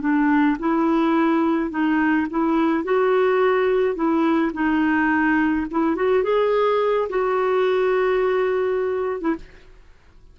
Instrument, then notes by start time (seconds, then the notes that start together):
clarinet
0.00 D4
0.59 E4
1.70 D#4
2.30 E4
2.84 F#4
3.95 E4
4.53 D#4
5.71 E4
5.95 F#4
6.23 G#4
7.09 F#4
9.21 E4